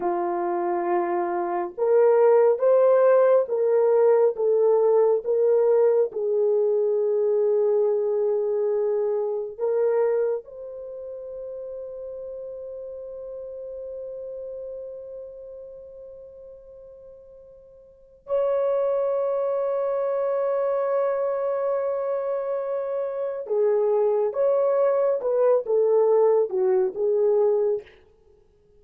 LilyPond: \new Staff \with { instrumentName = "horn" } { \time 4/4 \tempo 4 = 69 f'2 ais'4 c''4 | ais'4 a'4 ais'4 gis'4~ | gis'2. ais'4 | c''1~ |
c''1~ | c''4 cis''2.~ | cis''2. gis'4 | cis''4 b'8 a'4 fis'8 gis'4 | }